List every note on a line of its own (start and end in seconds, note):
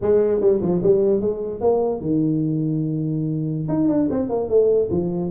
0.01 0.40 G#3
0.40 0.60 G3
0.61 0.81 F3
0.83 1.20 G3
1.20 1.60 G#3
1.60 2.00 A#3
2.00 3.68 D#3
3.68 3.88 D#4
3.88 4.08 D4
4.10 4.29 C4
4.29 4.49 A#3
4.49 4.89 A3
4.90 5.30 F3